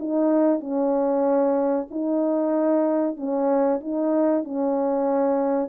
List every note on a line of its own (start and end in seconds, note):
0.00 0.61 D#4
0.61 1.88 C#4
1.91 3.17 D#4
3.17 3.81 C#4
3.81 4.44 D#4
4.44 5.69 C#4